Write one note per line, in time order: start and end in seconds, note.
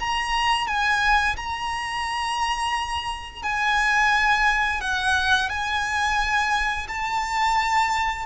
0.00 0.68 A#5
0.68 1.37 G#5
1.37 3.43 A#5
3.43 4.81 G#5
4.81 5.50 F#5
5.50 6.87 G#5
6.88 8.26 A5